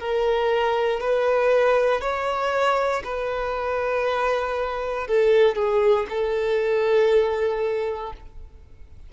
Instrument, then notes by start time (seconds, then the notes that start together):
violin
0.00 A#4
1.00 B4
2.01 C#5
3.04 B4
5.08 A4
5.55 G#4
6.10 A4